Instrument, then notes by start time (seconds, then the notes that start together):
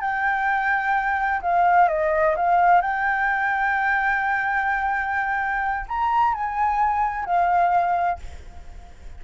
flute
0.00 G5
1.41 F5
1.88 D#5
2.36 F5
2.81 G5
5.88 A#5
6.33 G#5
7.25 F5